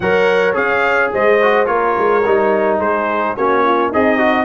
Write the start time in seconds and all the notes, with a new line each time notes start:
0.00 F#3 A#4 C#5 F#5
0.53 C#4 G#4 F5
1.13 G#3 C5 D#5
1.42 F#4
1.66 A#3 F4 A#4 C#5
1.98 G#3
2.25 G3 D#4
2.79 G#3 G#4 C5
3.36 A#3 C#4 F#4 C#5
3.64 F4
3.89 C4 D#4 G#4 D#5
4.18 F#4